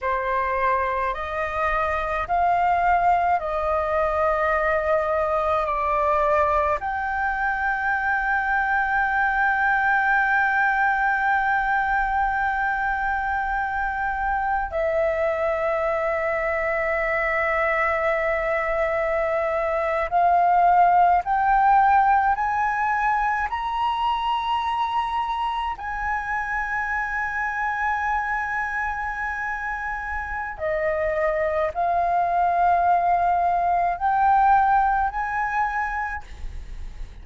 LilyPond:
\new Staff \with { instrumentName = "flute" } { \time 4/4 \tempo 4 = 53 c''4 dis''4 f''4 dis''4~ | dis''4 d''4 g''2~ | g''1~ | g''4 e''2.~ |
e''4.~ e''16 f''4 g''4 gis''16~ | gis''8. ais''2 gis''4~ gis''16~ | gis''2. dis''4 | f''2 g''4 gis''4 | }